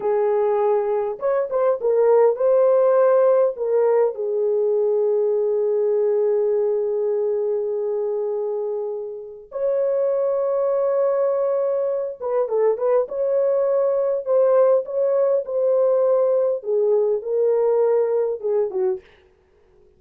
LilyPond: \new Staff \with { instrumentName = "horn" } { \time 4/4 \tempo 4 = 101 gis'2 cis''8 c''8 ais'4 | c''2 ais'4 gis'4~ | gis'1~ | gis'1 |
cis''1~ | cis''8 b'8 a'8 b'8 cis''2 | c''4 cis''4 c''2 | gis'4 ais'2 gis'8 fis'8 | }